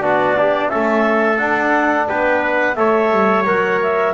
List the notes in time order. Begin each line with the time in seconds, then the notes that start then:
0.00 B3 D4 F#4 D5
0.37 D4 G4
0.69 A3 C#4 A4 E5
1.38 D4 F#5
2.07 B3 B4 G5
2.42 F#5
2.75 A3 A4 C#5 E5
3.11 G3
3.45 F#3 A#4 F#5
3.82 E5